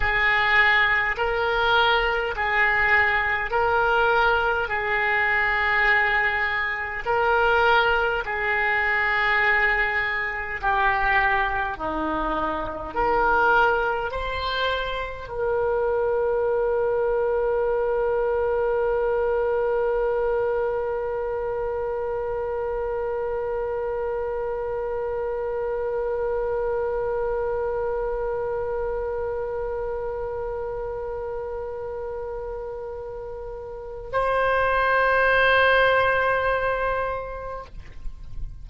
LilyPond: \new Staff \with { instrumentName = "oboe" } { \time 4/4 \tempo 4 = 51 gis'4 ais'4 gis'4 ais'4 | gis'2 ais'4 gis'4~ | gis'4 g'4 dis'4 ais'4 | c''4 ais'2.~ |
ais'1~ | ais'1~ | ais'1~ | ais'4 c''2. | }